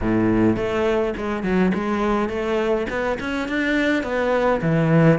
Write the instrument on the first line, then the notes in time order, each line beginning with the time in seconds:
cello
0.01 A2
0.56 A3
1.16 G#3
1.43 F#3
1.74 G#3
2.29 A3
2.89 B3
3.19 C#4
3.48 D4
4.03 B3
4.61 E3